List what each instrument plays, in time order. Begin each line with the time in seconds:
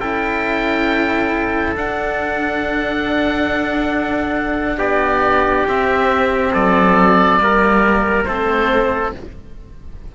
0.00 cello C#4 E4, trumpet A4, oboe G5
1.76 cello D4, oboe F#5
4.78 cello B3, trumpet G4, oboe D5
5.68 cello C4, oboe E5
6.53 cello F#3, trumpet A4, oboe D5
7.38 cello G3 A#3, trumpet A#4
8.25 cello A3 C4, trumpet A4, oboe C5